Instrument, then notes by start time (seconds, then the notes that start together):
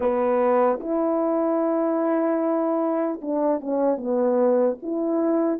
horn
0.00 B3
0.80 E4
3.21 D4
3.60 C#4
3.97 B3
4.82 E4